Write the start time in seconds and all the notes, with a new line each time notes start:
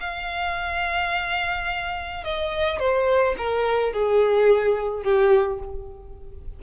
0.00 F5
2.24 D#5
2.79 C5
3.37 A#4
3.93 G#4
5.03 G4